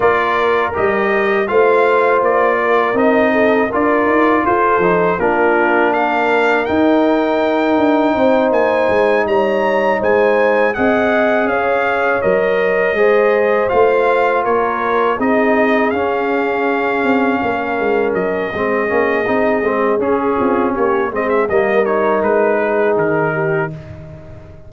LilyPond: <<
  \new Staff \with { instrumentName = "trumpet" } { \time 4/4 \tempo 4 = 81 d''4 dis''4 f''4 d''4 | dis''4 d''4 c''4 ais'4 | f''4 g''2~ g''8 gis''8~ | gis''8 ais''4 gis''4 fis''4 f''8~ |
f''8 dis''2 f''4 cis''8~ | cis''8 dis''4 f''2~ f''8~ | f''8 dis''2~ dis''8 gis'4 | cis''8 dis''16 e''16 dis''8 cis''8 b'4 ais'4 | }
  \new Staff \with { instrumentName = "horn" } { \time 4/4 ais'2 c''4. ais'8~ | ais'8 a'8 ais'4 a'4 f'4 | ais'2. c''4~ | c''8 cis''4 c''4 dis''4 cis''8~ |
cis''4. c''2 ais'8~ | ais'8 gis'2. ais'8~ | ais'4 gis'2~ gis'8 f'8 | g'8 gis'8 ais'4. gis'4 g'8 | }
  \new Staff \with { instrumentName = "trombone" } { \time 4/4 f'4 g'4 f'2 | dis'4 f'4. dis'8 d'4~ | d'4 dis'2.~ | dis'2~ dis'8 gis'4.~ |
gis'8 ais'4 gis'4 f'4.~ | f'8 dis'4 cis'2~ cis'8~ | cis'4 c'8 cis'8 dis'8 c'8 cis'4~ | cis'8 c'8 ais8 dis'2~ dis'8 | }
  \new Staff \with { instrumentName = "tuba" } { \time 4/4 ais4 g4 a4 ais4 | c'4 d'8 dis'8 f'8 f8 ais4~ | ais4 dis'4. d'8 c'8 ais8 | gis8 g4 gis4 c'4 cis'8~ |
cis'8 fis4 gis4 a4 ais8~ | ais8 c'4 cis'4. c'8 ais8 | gis8 fis8 gis8 ais8 c'8 gis8 cis'8 c'8 | ais8 gis8 g4 gis4 dis4 | }
>>